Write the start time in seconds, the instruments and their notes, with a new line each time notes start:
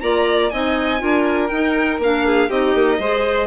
0.00 bassoon A#3, clarinet F4, violin D5 A#5
0.49 bassoon C4, clarinet D#4, violin D#5 G#5
0.99 bassoon D4, clarinet F4, violin A#4
1.47 bassoon D#4, clarinet D#4, violin G5
1.98 bassoon A#3, clarinet D4, violin F5
2.25 violin G#4
2.49 bassoon C4, clarinet D#4, violin G4 D#5
2.74 bassoon A#3
2.98 bassoon G#3, clarinet G#4, violin C5